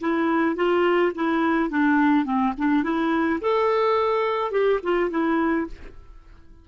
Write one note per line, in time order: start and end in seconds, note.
0.00 0.56 E4
0.56 1.12 F4
1.15 1.70 E4
1.70 2.25 D4
2.25 2.53 C4
2.58 2.83 D4
2.83 3.40 E4
3.41 4.51 A4
4.51 4.80 G4
4.83 5.10 F4
5.10 5.67 E4